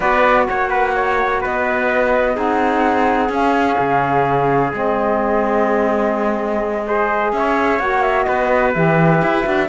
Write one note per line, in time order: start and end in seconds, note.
0.00 0.47 B3
0.00 2.34 F#4
0.00 0.46 B4
0.00 0.46 D5
0.47 1.44 A#3
0.47 0.69 C#5
0.47 1.42 F#5
0.69 0.93 B4
0.95 1.40 C#5
1.40 2.37 B3
1.40 2.35 B4
1.40 2.37 D#5
2.34 3.29 C4
2.34 3.28 D#4
2.34 6.83 G#4
2.34 3.31 F#5
3.29 3.76 C#4
3.29 4.72 C#4
3.29 4.73 F5
3.78 4.73 C#3
4.72 7.32 G#3
4.72 6.85 C4
4.72 7.32 D#5
6.86 7.79 G#4
6.86 7.34 C5
7.32 7.79 C#4
7.32 8.26 C#5
7.32 7.79 E5
7.79 8.26 A#3
7.79 8.73 F#4
7.79 8.02 F#5
8.02 8.23 E5
8.23 8.75 B3
8.23 9.68 B4
8.23 8.70 D#5
8.73 9.22 E3
8.73 9.43 G4
8.73 9.68 E5
9.22 9.45 E4
9.43 9.68 D4
9.43 9.67 F#4